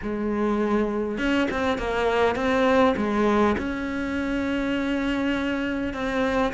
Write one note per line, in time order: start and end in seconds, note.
0.02 1.18 G#3
1.18 1.47 C#4
1.50 1.78 C4
1.78 2.35 A#3
2.35 2.95 C4
2.96 3.56 G#3
3.57 5.93 C#4
5.93 6.53 C4